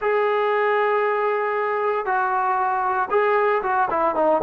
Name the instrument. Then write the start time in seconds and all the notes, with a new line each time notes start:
trombone
0.01 G#4
2.05 F#4
3.10 G#4
3.62 F#4
3.90 E4
4.15 D#4